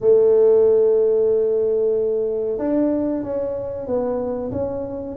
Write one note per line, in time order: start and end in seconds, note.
0.00 2.58 A3
2.58 3.23 D4
3.23 3.87 C#4
3.87 4.51 B3
4.51 5.16 C#4